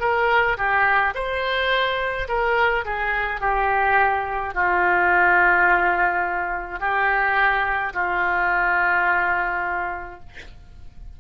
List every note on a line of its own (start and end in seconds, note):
0.00 0.57 A#4
0.57 1.14 G4
1.14 2.27 C5
2.28 2.85 A#4
2.85 3.41 G#4
3.41 4.54 G4
4.54 6.80 F4
6.80 7.93 G4
7.93 10.20 F4